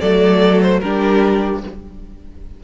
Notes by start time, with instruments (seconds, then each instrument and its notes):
0.00 cello F#3, viola A3, violin A4 D5
0.62 violin C5
0.80 cello G3, viola D4, violin G4 A#4